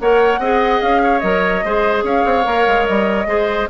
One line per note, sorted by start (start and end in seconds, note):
0.00 0.39 A#3
0.00 0.42 A#4
0.00 0.40 C#5
0.00 0.82 F#5
0.39 0.80 C4
0.39 1.21 G#4
0.39 1.01 D#5
0.82 1.23 C#4
0.82 1.19 F5
1.04 1.65 C#5
1.19 1.64 F#3
1.19 1.62 A#4
1.19 2.02 D#5
1.64 2.03 G#3
1.64 2.44 G#4
1.64 2.04 C5
2.03 2.24 C#4
2.03 3.27 C#5
2.03 2.86 F5
2.25 2.46 C4
2.44 2.67 A#3
2.44 3.26 A#4
2.68 2.88 G#3
2.86 3.26 G3
2.86 3.69 D#5
3.26 3.67 G#3
3.26 3.68 G#4
3.26 3.69 C5